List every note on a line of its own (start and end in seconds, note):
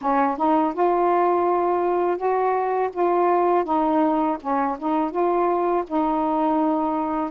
0.01 0.37 C#4
0.37 0.73 D#4
0.73 2.17 F4
2.17 2.90 F#4
2.92 3.64 F4
3.64 4.37 D#4
4.40 4.77 C#4
4.78 5.11 D#4
5.11 5.84 F4
5.87 7.30 D#4